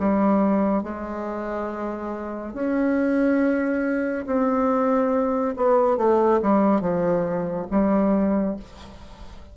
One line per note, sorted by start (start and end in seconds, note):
0.00 0.83 G3
0.83 2.54 G#3
2.54 4.25 C#4
4.27 5.55 C4
5.57 5.98 B3
5.98 6.41 A3
6.42 6.81 G3
6.81 7.67 F3
7.71 8.57 G3